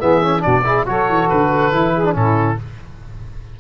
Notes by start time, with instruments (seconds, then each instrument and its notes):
0.00 tuba E3, trombone B3, saxophone G#4, oboe E5
0.23 trombone C#4
0.40 tuba B2, trombone D4, saxophone F#4, oboe D5
0.65 trombone E4, saxophone G#4
0.87 tuba F#3, trombone F#4, saxophone A4, oboe C#5
1.09 tuba E3
1.29 tuba D3, oboe B4
1.73 tuba E3, trombone E4
1.94 saxophone G#4
2.05 trombone D4
2.14 tuba A2, trombone C#4, saxophone E4, oboe A4